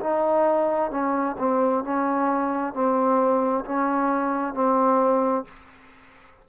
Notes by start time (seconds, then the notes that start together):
0.00 D#4
0.90 C#4
1.38 C4
1.83 C#4
2.73 C4
3.64 C#4
4.54 C4